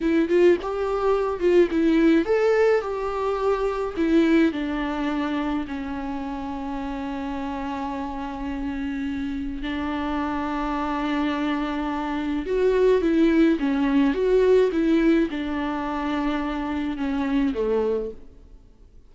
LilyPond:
\new Staff \with { instrumentName = "viola" } { \time 4/4 \tempo 4 = 106 e'8 f'8 g'4. f'8 e'4 | a'4 g'2 e'4 | d'2 cis'2~ | cis'1~ |
cis'4 d'2.~ | d'2 fis'4 e'4 | cis'4 fis'4 e'4 d'4~ | d'2 cis'4 a4 | }